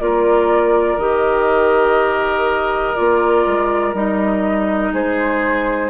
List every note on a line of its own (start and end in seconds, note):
0.00 0.97 A#3
0.00 0.98 F4
0.00 4.93 A#4
0.00 0.98 D5
0.97 2.94 D#3
0.97 2.95 G4
0.97 2.95 D#5
2.95 3.46 A#3
2.95 3.94 F4
2.95 3.93 D5
3.46 3.93 G#3
3.93 4.92 G3
3.93 5.90 D#4
3.93 4.93 D#5
4.93 5.90 G#3
4.93 5.90 G#4
4.93 5.90 C5